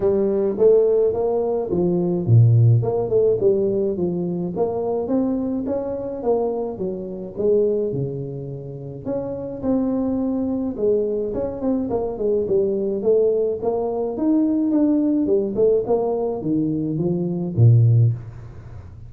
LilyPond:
\new Staff \with { instrumentName = "tuba" } { \time 4/4 \tempo 4 = 106 g4 a4 ais4 f4 | ais,4 ais8 a8 g4 f4 | ais4 c'4 cis'4 ais4 | fis4 gis4 cis2 |
cis'4 c'2 gis4 | cis'8 c'8 ais8 gis8 g4 a4 | ais4 dis'4 d'4 g8 a8 | ais4 dis4 f4 ais,4 | }